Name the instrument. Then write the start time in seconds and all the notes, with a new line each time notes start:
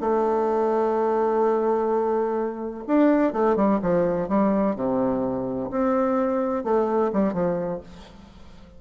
bassoon
0.00 A3
2.87 D4
3.32 A3
3.56 G3
3.81 F3
4.28 G3
4.75 C3
5.70 C4
6.64 A3
7.12 G3
7.33 F3